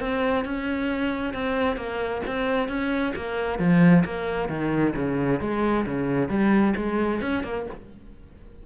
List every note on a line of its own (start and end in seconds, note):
0.00 0.45 C4
0.45 1.34 C#4
1.34 1.77 C4
1.77 2.22 A#3
2.27 2.68 C4
2.68 3.14 C#4
3.16 3.59 A#3
3.59 4.04 F3
4.05 4.49 A#3
4.49 4.94 D#3
4.96 5.41 C#3
5.41 5.86 G#3
5.86 6.29 C#3
6.29 6.74 G3
6.77 7.21 G#3
7.21 7.44 C#4
7.44 7.66 A#3